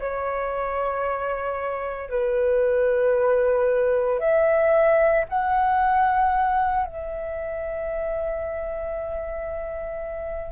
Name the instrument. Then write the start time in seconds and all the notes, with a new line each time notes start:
flute
0.00 C#5
2.10 B4
4.20 E5
5.29 F#5
6.86 E5